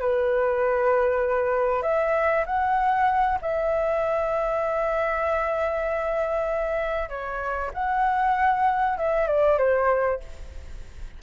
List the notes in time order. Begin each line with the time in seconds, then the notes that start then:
0.00 B4
1.83 E5
2.47 F#5
3.42 E5
7.09 C#5
7.74 F#5
8.98 E5
9.28 D5
9.58 C5